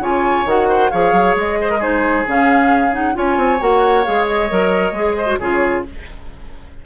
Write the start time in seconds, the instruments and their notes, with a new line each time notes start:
0.00 bassoon C#3, clarinet F4, oboe C#5, flute G#5
0.46 bassoon D#3, clarinet F#4, flute F#5
0.69 oboe C5
0.91 bassoon F3, clarinet G#4, oboe C#5, flute F5
1.12 bassoon F#3
1.36 bassoon G#3, flute D#5
1.61 oboe C5
1.70 oboe A#4
1.79 clarinet D#4, oboe G#4, flute C5
2.28 bassoon C#3, clarinet C#4, flute F5
2.92 clarinet D#4, flute F#5
3.14 bassoon C#4, clarinet F4, oboe C#5, flute G#5
3.37 bassoon C4
3.60 bassoon A#3, clarinet F#4, flute F#5
4.04 bassoon G#3, clarinet G#4, flute F5
4.27 flute D#5
4.50 bassoon F#3, clarinet A#4
4.92 bassoon G#3, clarinet G#4
5.17 oboe C5
5.27 clarinet F#4
5.39 bassoon C#3, clarinet F4, oboe G#4, flute C#5